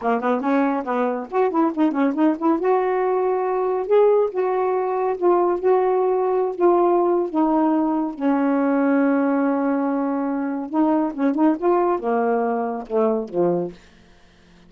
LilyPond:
\new Staff \with { instrumentName = "saxophone" } { \time 4/4 \tempo 4 = 140 ais8 b8 cis'4 b4 fis'8 e'8 | dis'8 cis'8 dis'8 e'8 fis'2~ | fis'4 gis'4 fis'2 | f'4 fis'2~ fis'16 f'8.~ |
f'4 dis'2 cis'4~ | cis'1~ | cis'4 dis'4 cis'8 dis'8 f'4 | ais2 a4 f4 | }